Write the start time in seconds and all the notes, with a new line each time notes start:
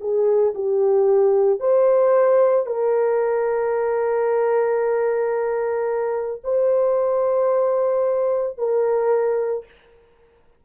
0.00 G#4
0.55 G4
1.60 C5
2.66 A#4
6.44 C5
8.58 A#4